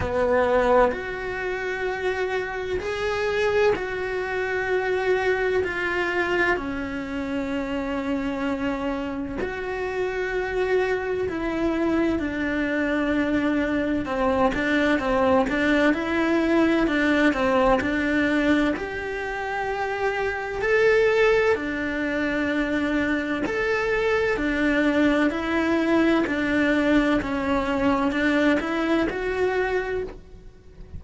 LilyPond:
\new Staff \with { instrumentName = "cello" } { \time 4/4 \tempo 4 = 64 b4 fis'2 gis'4 | fis'2 f'4 cis'4~ | cis'2 fis'2 | e'4 d'2 c'8 d'8 |
c'8 d'8 e'4 d'8 c'8 d'4 | g'2 a'4 d'4~ | d'4 a'4 d'4 e'4 | d'4 cis'4 d'8 e'8 fis'4 | }